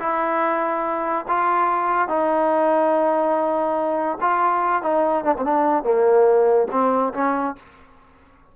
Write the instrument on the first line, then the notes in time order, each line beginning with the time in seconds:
trombone
0.00 E4
1.28 F4
2.09 D#4
4.21 F4
4.83 D#4
5.25 D4
5.38 C4
5.45 D4
5.84 A#3
6.72 C4
7.14 C#4